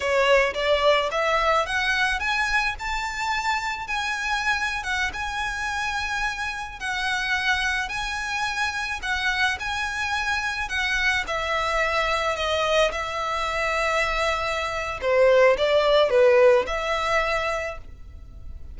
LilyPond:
\new Staff \with { instrumentName = "violin" } { \time 4/4 \tempo 4 = 108 cis''4 d''4 e''4 fis''4 | gis''4 a''2 gis''4~ | gis''8. fis''8 gis''2~ gis''8.~ | gis''16 fis''2 gis''4.~ gis''16~ |
gis''16 fis''4 gis''2 fis''8.~ | fis''16 e''2 dis''4 e''8.~ | e''2. c''4 | d''4 b'4 e''2 | }